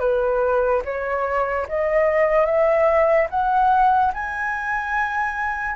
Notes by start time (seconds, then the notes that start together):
0.00 B4
0.85 C#5
1.69 D#5
2.46 E5
3.31 F#5
4.14 G#5